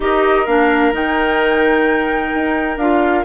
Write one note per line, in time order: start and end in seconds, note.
0.00 0.46 D#4
0.00 0.45 G4
0.00 3.25 A#4
0.00 0.46 D#5
0.46 0.92 A#3
0.46 0.92 D4
0.46 0.93 F5
0.92 2.32 D#3
0.92 2.78 D#4
0.92 2.78 G5
2.34 2.77 D#4
2.77 3.23 D4
2.77 3.25 F4
2.77 3.24 F5